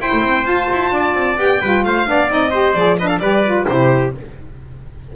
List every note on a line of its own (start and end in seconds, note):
0.00 0.11 E4
0.00 0.45 E4
0.00 0.93 C5
0.00 0.46 G5
0.13 0.22 A3
0.22 0.45 C4
0.45 1.36 F4
0.45 0.68 F4
0.45 1.37 A5
0.72 0.91 E4
0.91 1.14 D4
0.91 1.61 D5
1.14 1.37 C4
1.37 1.60 B3
1.37 1.60 G4
1.37 1.84 G5
1.61 1.84 G3
1.61 2.05 F4
1.61 1.84 B4
1.84 2.07 A3
1.84 2.09 C5
1.84 2.30 F5
2.05 2.29 B3
2.05 2.28 D4
2.05 2.51 D5
2.29 2.75 C4
2.29 2.52 D#4
2.29 2.74 D#5
2.51 2.75 G4
2.51 2.96 C5
2.74 3.20 F3
2.74 2.99 G#4
2.74 2.97 D5
2.99 3.22 D4
2.99 3.08 B4
2.99 3.07 D#5
3.07 3.20 A4
3.07 3.19 F5
3.19 3.66 G3
3.19 3.45 G4
3.19 3.68 B4
3.19 3.65 D5
3.45 3.68 F4
3.67 4.14 C3
3.67 4.13 E4
3.67 4.15 G4
3.67 4.13 C5